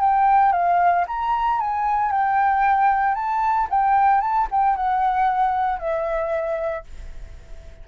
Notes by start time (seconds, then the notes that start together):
0.00 G5
0.52 F5
1.07 A#5
1.60 G#5
2.12 G5
3.15 A5
3.70 G5
4.21 A5
4.51 G5
4.76 F#5
5.79 E5